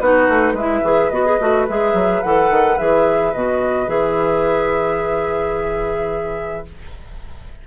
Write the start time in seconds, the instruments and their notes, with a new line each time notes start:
0.00 bassoon B3, clarinet D#4, oboe F#4, flute B4
0.29 bassoon A3
0.53 bassoon G#3, clarinet E4, oboe B4, flute E5
0.83 bassoon E3, clarinet G#4
1.10 bassoon B3, clarinet F#4, flute D#5
1.26 clarinet G#4
1.40 bassoon A3, clarinet F#4
1.69 bassoon G#3, clarinet G#4, flute E5
1.94 bassoon F#3
2.23 bassoon E3, clarinet A4, flute F#5
2.50 bassoon D#3
2.78 bassoon E3, clarinet G#4, flute E5
3.34 bassoon B2, clarinet F#4, flute D#5
3.87 bassoon E3, clarinet G#4, flute E5